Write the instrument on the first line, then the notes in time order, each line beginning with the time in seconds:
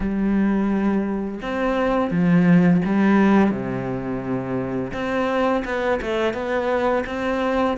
cello
0.00 G3
1.41 C4
2.10 F3
2.85 G3
3.50 C3
4.93 C4
5.64 B3
6.01 A3
6.33 B3
7.06 C4